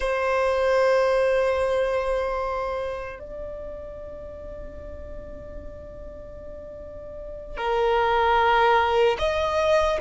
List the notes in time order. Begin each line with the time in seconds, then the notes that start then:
0.00 C5
3.19 D5
7.57 A#4
9.19 D#5